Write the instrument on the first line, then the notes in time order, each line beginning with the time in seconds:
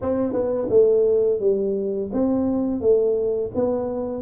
tuba
0.01 C4
0.32 B3
0.69 A3
1.39 G3
2.12 C4
2.80 A3
3.54 B3